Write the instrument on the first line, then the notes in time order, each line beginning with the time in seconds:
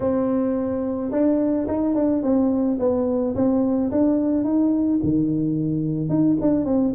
tuba
0.00 C4
1.11 D4
1.67 D#4
1.94 D4
2.22 C4
2.79 B3
3.35 C4
3.91 D4
4.44 D#4
5.03 D#3
6.09 D#4
6.41 D4
6.65 C4